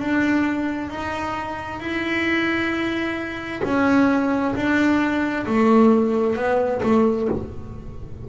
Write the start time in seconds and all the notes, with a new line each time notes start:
0.00 D4
0.90 D#4
1.80 E4
3.64 C#4
4.55 D4
5.47 A3
6.36 B3
6.83 A3